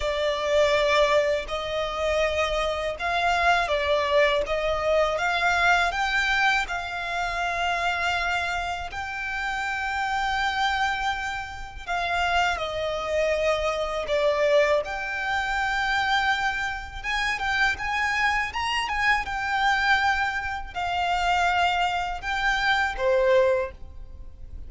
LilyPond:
\new Staff \with { instrumentName = "violin" } { \time 4/4 \tempo 4 = 81 d''2 dis''2 | f''4 d''4 dis''4 f''4 | g''4 f''2. | g''1 |
f''4 dis''2 d''4 | g''2. gis''8 g''8 | gis''4 ais''8 gis''8 g''2 | f''2 g''4 c''4 | }